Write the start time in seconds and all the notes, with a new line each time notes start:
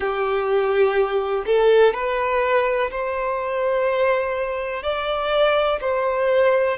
0.00 G4
1.46 A4
1.93 B4
2.90 C5
4.82 D5
5.81 C5